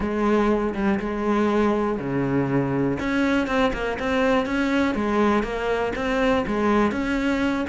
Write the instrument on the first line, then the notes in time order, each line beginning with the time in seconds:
cello
0.00 G#3
0.74 G3
0.99 G#3
1.99 C#3
2.99 C#4
3.47 C4
3.73 A#3
3.99 C4
4.45 C#4
4.95 G#3
5.43 A#3
5.95 C4
6.46 G#3
6.91 C#4